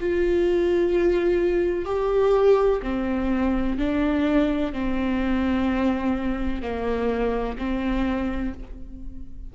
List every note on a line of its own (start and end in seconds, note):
0.00 1.85 F4
1.85 2.81 G4
2.83 3.78 C4
3.78 4.73 D4
4.73 6.62 C4
6.62 7.57 A#3
7.58 8.54 C4